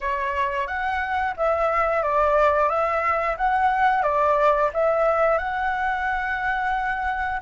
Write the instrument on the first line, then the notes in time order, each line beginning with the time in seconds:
flute
0.01 C#5
0.67 F#5
1.37 E5
2.03 D5
2.69 E5
3.37 F#5
4.02 D5
4.73 E5
5.38 F#5